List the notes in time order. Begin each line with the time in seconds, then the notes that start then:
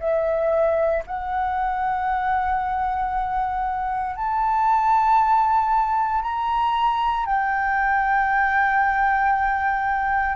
0.00 E5
1.07 F#5
4.16 A5
6.23 A#5
7.26 G5